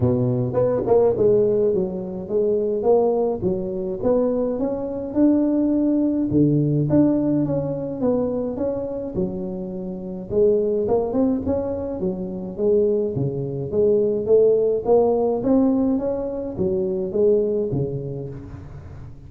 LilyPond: \new Staff \with { instrumentName = "tuba" } { \time 4/4 \tempo 4 = 105 b,4 b8 ais8 gis4 fis4 | gis4 ais4 fis4 b4 | cis'4 d'2 d4 | d'4 cis'4 b4 cis'4 |
fis2 gis4 ais8 c'8 | cis'4 fis4 gis4 cis4 | gis4 a4 ais4 c'4 | cis'4 fis4 gis4 cis4 | }